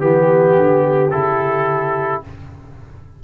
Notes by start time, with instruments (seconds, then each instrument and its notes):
0.00 tuba E3, trombone B3, trumpet G4, horn G4
0.56 tuba D3
1.10 tuba C#3, trombone E4, trumpet A4